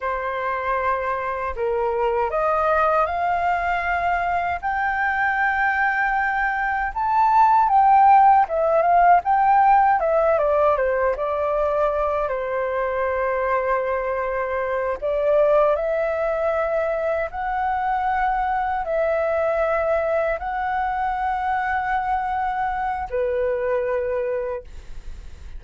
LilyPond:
\new Staff \with { instrumentName = "flute" } { \time 4/4 \tempo 4 = 78 c''2 ais'4 dis''4 | f''2 g''2~ | g''4 a''4 g''4 e''8 f''8 | g''4 e''8 d''8 c''8 d''4. |
c''2.~ c''8 d''8~ | d''8 e''2 fis''4.~ | fis''8 e''2 fis''4.~ | fis''2 b'2 | }